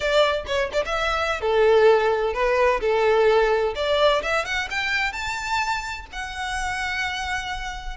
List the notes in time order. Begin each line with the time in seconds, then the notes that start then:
0.00 D5
0.46 C#5
0.72 D5
0.85 E5
1.40 A4
2.33 B4
2.80 A4
3.75 D5
4.22 E5
4.45 F#5
4.70 G5
5.12 A5
6.12 F#5